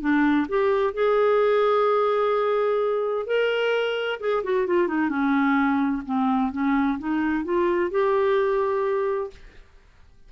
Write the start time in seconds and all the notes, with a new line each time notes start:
0.00 D4
0.48 G4
0.93 G#4
3.26 A#4
4.20 G#4
4.43 F#4
4.66 F4
4.87 D#4
5.09 C#4
6.05 C4
6.52 C#4
6.99 D#4
7.44 F4
7.90 G4